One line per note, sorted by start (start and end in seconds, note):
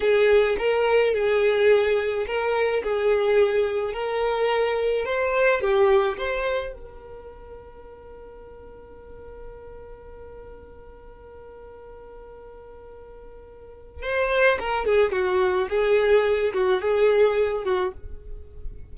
0.00 0.56 G#4
0.58 1.14 A#4
1.14 2.26 G#4
2.26 2.82 A#4
2.83 3.93 G#4
3.93 5.05 A#4
5.05 5.61 C5
5.61 6.17 G4
6.17 6.73 C5
6.73 14.02 A#4
14.02 14.58 C5
14.59 14.85 A#4
14.85 15.12 G#4
15.12 15.68 F#4
15.69 16.53 G#4
16.53 16.81 F#4
16.81 17.64 G#4
17.64 17.92 F#4